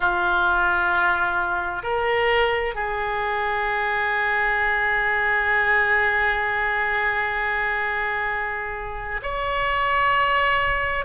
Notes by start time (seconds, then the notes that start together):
0.00 F4
1.83 A#4
2.74 G#4
9.22 C#5